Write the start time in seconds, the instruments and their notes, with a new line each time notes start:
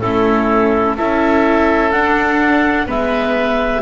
0.00 double bass A3, viola C#4, oboe E4, clarinet A4
0.96 double bass C#4, viola E4, oboe A4, clarinet E5
1.92 viola D4, double bass D4, clarinet F#5
2.86 double bass G#3, viola B3, oboe B4, clarinet E5